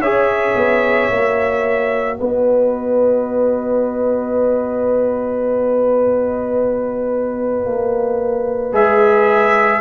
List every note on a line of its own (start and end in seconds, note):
0.00 0.55 C#4
0.00 1.11 G#4
0.00 2.18 C#5
0.00 2.17 E5
0.56 1.10 B3
1.11 2.20 A#3
1.11 8.73 F#4
2.17 7.66 B3
2.17 9.81 B4
2.17 8.72 D#5
7.66 8.73 A#3
8.73 9.81 G#3
8.73 9.81 G#4
8.73 9.81 E5